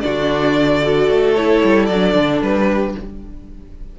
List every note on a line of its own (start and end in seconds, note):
0.00 1.10 D3
0.00 0.82 D4
0.00 0.83 F#4
0.00 1.33 D5
0.82 1.35 F#4
0.82 2.67 A4
1.10 1.63 A3
1.34 1.90 E4
1.34 1.86 C#5
1.64 1.90 G3
1.86 2.14 F#3
1.86 2.39 D5
1.93 2.99 D4
2.14 2.41 D3
2.42 2.95 G3
2.42 2.96 B4
2.67 2.94 G4